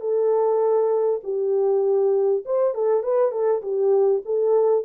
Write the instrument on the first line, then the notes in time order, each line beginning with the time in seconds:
horn
0.00 A4
1.23 G4
2.45 C5
2.74 A4
3.03 B4
3.31 A4
3.62 G4
4.25 A4